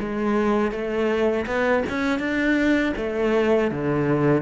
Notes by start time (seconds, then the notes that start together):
0.00 G#3
0.72 A3
1.47 B3
1.90 C#4
2.20 D4
2.97 A3
3.72 D3